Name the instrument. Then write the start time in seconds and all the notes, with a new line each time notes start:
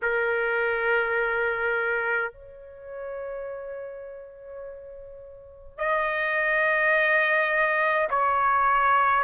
trumpet
0.02 A#4
2.31 C#5
5.77 D#5
8.10 C#5